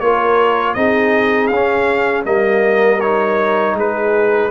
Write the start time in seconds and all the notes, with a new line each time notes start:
0.00 A#3 F4 A#4 C#5
0.74 C4 D#4 G#4 D#5
1.48 C#4 F5
1.55 C#4
2.24 G3 A#3 A#4 D#5
3.01 D#4 C#5
3.74 G#3 G#4 B4